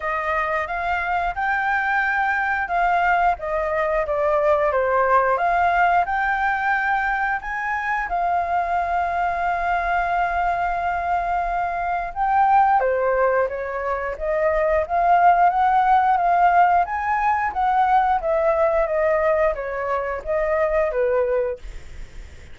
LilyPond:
\new Staff \with { instrumentName = "flute" } { \time 4/4 \tempo 4 = 89 dis''4 f''4 g''2 | f''4 dis''4 d''4 c''4 | f''4 g''2 gis''4 | f''1~ |
f''2 g''4 c''4 | cis''4 dis''4 f''4 fis''4 | f''4 gis''4 fis''4 e''4 | dis''4 cis''4 dis''4 b'4 | }